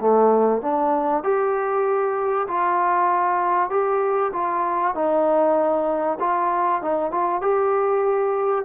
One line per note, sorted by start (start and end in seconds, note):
0.00 0.62 A3
0.62 1.23 D4
1.23 2.47 G4
2.47 3.70 F4
3.70 4.32 G4
4.33 4.94 F4
4.94 6.18 D#4
6.20 6.82 F4
6.82 7.11 D#4
7.11 7.41 F4
7.41 8.65 G4